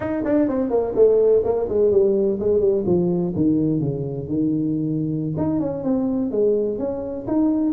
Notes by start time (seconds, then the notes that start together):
0.00 D#4
0.24 D4
0.48 C4
0.70 A#3
0.95 A3
1.44 A#3
1.68 G#3
1.91 G3
2.39 G#3
2.60 G3
2.85 F3
3.35 D#3
3.80 C#3
4.27 D#3
5.37 D#4
5.60 C#4
5.83 C4
6.31 G#3
6.78 C#4
7.27 D#4